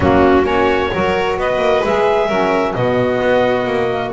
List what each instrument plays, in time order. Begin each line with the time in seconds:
0.00 double bass F#3, saxophone A#3, violin C#4, clarinet F#4
0.42 double bass A#3, saxophone C#4, violin F#4, clarinet C#5
0.91 double bass F#3, saxophone F#4, violin A#4
1.36 double bass B3, violin B4, clarinet D#5
1.57 double bass A#3
1.84 double bass G#3, saxophone G#4, clarinet E5
2.26 double bass F#3, saxophone C#4, violin A#4
2.73 double bass B2, saxophone B3, violin F#4, clarinet D#5
3.21 double bass B3
3.65 double bass A#3
3.89 saxophone A#3